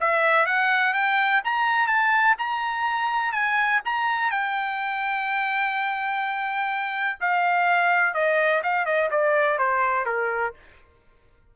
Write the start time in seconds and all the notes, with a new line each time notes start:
0.00 E5
0.46 F#5
0.93 G5
1.44 A#5
1.87 A5
2.38 A#5
3.32 G#5
3.85 A#5
4.30 G5
7.20 F5
8.14 D#5
8.63 F5
8.85 D#5
9.10 D5
9.58 C5
10.05 A#4